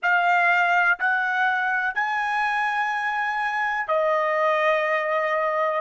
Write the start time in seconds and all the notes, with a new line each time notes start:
0.02 F5
0.99 F#5
1.94 G#5
3.87 D#5